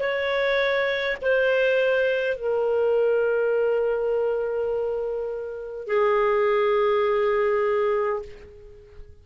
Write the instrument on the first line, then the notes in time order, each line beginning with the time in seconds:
clarinet
0.00 C#5
1.22 C5
2.36 A#4
5.88 G#4